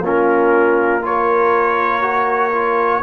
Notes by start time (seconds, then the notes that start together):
0.00 A#3 C#4 F4 A#4
1.01 F4 A#4 C#5
2.01 F#4
2.52 F4